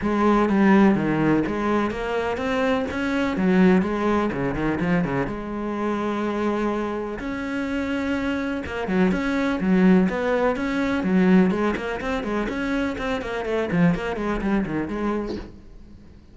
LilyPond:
\new Staff \with { instrumentName = "cello" } { \time 4/4 \tempo 4 = 125 gis4 g4 dis4 gis4 | ais4 c'4 cis'4 fis4 | gis4 cis8 dis8 f8 cis8 gis4~ | gis2. cis'4~ |
cis'2 ais8 fis8 cis'4 | fis4 b4 cis'4 fis4 | gis8 ais8 c'8 gis8 cis'4 c'8 ais8 | a8 f8 ais8 gis8 g8 dis8 gis4 | }